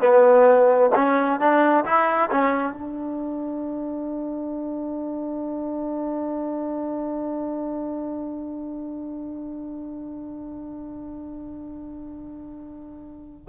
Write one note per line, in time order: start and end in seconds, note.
0.00 0.90 B3
0.95 1.40 C#4
1.40 1.84 D4
1.85 2.30 E4
2.31 2.73 C#4
2.73 13.47 D4